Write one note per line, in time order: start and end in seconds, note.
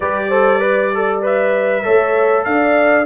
0.00 1.83 G3
0.00 0.31 G4
0.00 0.27 B4
0.00 1.20 D5
0.28 0.60 A4
0.28 0.58 C5
0.58 0.91 B4
0.58 1.81 D5
0.94 1.22 A4
1.22 1.82 B4
1.22 2.44 E5
1.82 2.46 A3
1.82 3.05 A4
1.82 2.44 C#5
2.44 3.05 D4
2.44 3.05 D5
2.44 3.05 F5